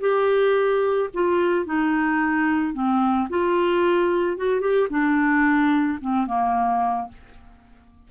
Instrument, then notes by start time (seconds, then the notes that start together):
clarinet
0.00 G4
1.14 F4
1.66 D#4
2.73 C4
3.30 F4
4.37 F#4
4.60 G4
4.90 D4
6.01 C4
6.27 A#3